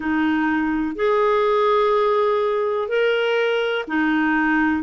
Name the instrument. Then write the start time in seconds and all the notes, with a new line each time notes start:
clarinet
0.00 D#4
0.95 G#4
2.88 A#4
3.87 D#4